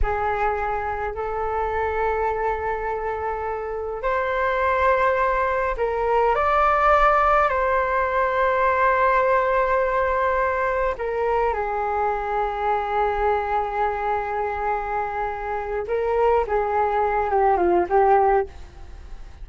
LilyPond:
\new Staff \with { instrumentName = "flute" } { \time 4/4 \tempo 4 = 104 gis'2 a'2~ | a'2. c''4~ | c''2 ais'4 d''4~ | d''4 c''2.~ |
c''2. ais'4 | gis'1~ | gis'2.~ gis'8 ais'8~ | ais'8 gis'4. g'8 f'8 g'4 | }